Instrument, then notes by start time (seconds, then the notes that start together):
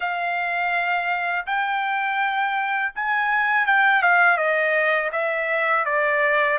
trumpet
0.00 F5
1.46 G5
2.95 G#5
3.66 G5
4.02 F5
4.37 D#5
5.12 E5
5.85 D5